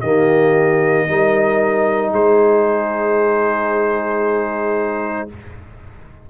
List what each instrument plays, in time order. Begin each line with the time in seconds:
0.00 tuba D#3, trombone A#3, horn G4, trumpet D#5
1.08 tuba G3, trombone D#4, horn A#4
2.12 tuba G#3, horn G#4, trumpet C5